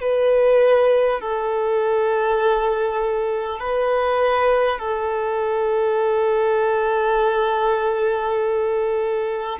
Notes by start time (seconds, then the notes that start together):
0.00 B4
1.20 A4
3.59 B4
4.78 A4